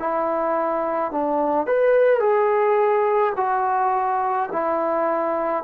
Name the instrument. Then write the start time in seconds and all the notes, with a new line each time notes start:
trombone
0.00 E4
1.12 D4
1.67 B4
2.20 G#4
3.37 F#4
4.52 E4